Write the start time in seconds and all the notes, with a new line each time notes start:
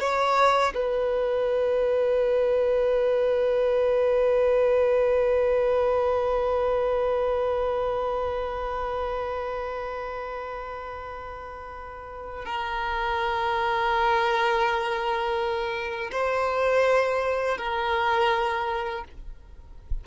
0.00 C#5
0.75 B4
12.45 A#4
16.12 C5
17.58 A#4